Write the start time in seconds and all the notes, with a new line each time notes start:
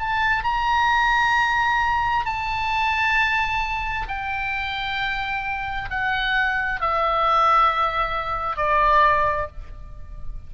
0.00 A5
0.44 A#5
2.26 A5
4.08 G5
5.90 F#5
6.81 E5
8.57 D5